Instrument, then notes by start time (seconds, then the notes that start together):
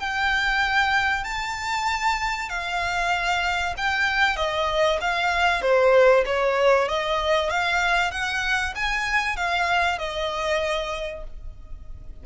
violin
0.00 G5
1.24 A5
2.50 F5
3.77 G5
4.37 D#5
5.01 F5
5.62 C5
6.26 C#5
6.89 D#5
7.50 F5
8.12 F#5
8.76 G#5
9.37 F5
9.99 D#5